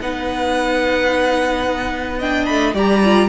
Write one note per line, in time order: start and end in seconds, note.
0.00 2.48 B3
0.00 2.20 D#4
0.00 2.18 B4
0.00 2.20 F#5
2.18 2.74 D4
2.18 2.73 D#5
2.18 2.45 G5
2.45 2.73 A3
2.45 2.72 B5
2.73 3.28 G3
2.73 3.01 G4
2.73 3.28 D5
2.73 3.29 A#5
3.04 3.29 F4